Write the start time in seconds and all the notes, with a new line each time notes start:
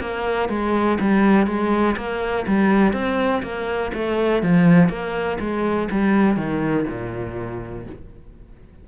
0.00 A#3
0.49 G#3
1.00 G3
1.47 G#3
1.97 A#3
2.47 G3
2.93 C4
3.42 A#3
3.94 A3
4.43 F3
4.89 A#3
5.40 G#3
5.91 G3
6.37 D#3
6.88 A#2